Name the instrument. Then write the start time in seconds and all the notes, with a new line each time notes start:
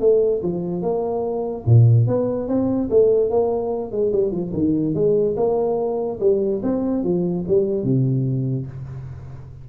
tuba
0.00 A3
0.43 F3
0.82 A#3
1.66 A#2
2.07 B3
2.48 C4
2.90 A3
3.30 A#3
3.91 G#3
4.12 G3
4.31 F3
4.53 D#3
4.94 G#3
5.36 A#3
6.20 G3
6.63 C4
7.03 F3
7.47 G3
7.83 C3